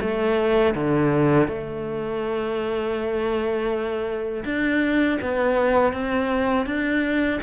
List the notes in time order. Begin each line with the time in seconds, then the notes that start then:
0.00 A3
0.74 D3
1.47 A3
4.44 D4
5.21 B3
5.92 C4
6.65 D4